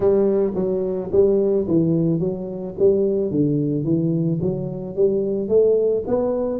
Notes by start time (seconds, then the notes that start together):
0.00 G3
0.55 F#3
1.12 G3
1.67 E3
2.19 F#3
2.78 G3
3.31 D3
3.84 E3
4.41 F#3
4.95 G3
5.48 A3
6.07 B3